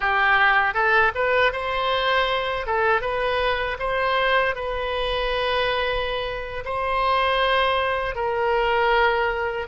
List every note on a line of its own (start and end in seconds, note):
0.00 0.74 G4
0.74 1.12 A4
1.14 1.52 B4
1.52 2.66 C5
2.66 3.01 A4
3.01 3.77 B4
3.79 4.55 C5
4.55 6.64 B4
6.65 8.15 C5
8.15 9.67 A#4